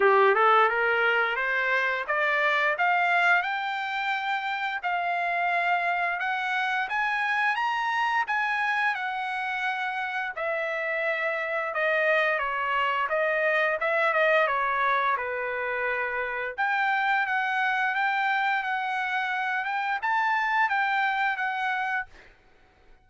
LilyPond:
\new Staff \with { instrumentName = "trumpet" } { \time 4/4 \tempo 4 = 87 g'8 a'8 ais'4 c''4 d''4 | f''4 g''2 f''4~ | f''4 fis''4 gis''4 ais''4 | gis''4 fis''2 e''4~ |
e''4 dis''4 cis''4 dis''4 | e''8 dis''8 cis''4 b'2 | g''4 fis''4 g''4 fis''4~ | fis''8 g''8 a''4 g''4 fis''4 | }